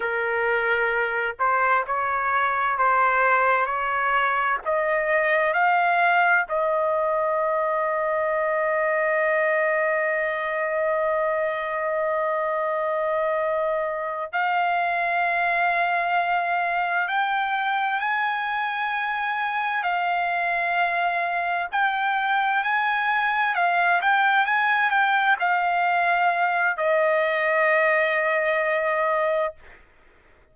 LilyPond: \new Staff \with { instrumentName = "trumpet" } { \time 4/4 \tempo 4 = 65 ais'4. c''8 cis''4 c''4 | cis''4 dis''4 f''4 dis''4~ | dis''1~ | dis''2.~ dis''8 f''8~ |
f''2~ f''8 g''4 gis''8~ | gis''4. f''2 g''8~ | g''8 gis''4 f''8 g''8 gis''8 g''8 f''8~ | f''4 dis''2. | }